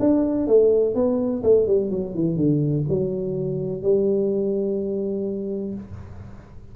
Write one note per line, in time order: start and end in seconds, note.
0.00 0.47 D4
0.47 0.95 A3
0.95 1.43 B3
1.44 1.67 A3
1.67 1.90 G3
1.90 2.14 F#3
2.14 2.37 E3
2.37 2.85 D3
2.89 3.83 F#3
3.83 5.75 G3